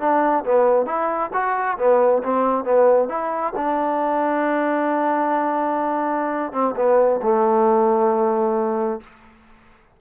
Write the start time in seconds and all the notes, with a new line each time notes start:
0.00 D4
0.45 B3
0.86 E4
1.33 F#4
1.78 B3
2.23 C4
2.64 B3
3.09 E4
3.56 D4
6.53 C4
6.76 B3
7.22 A3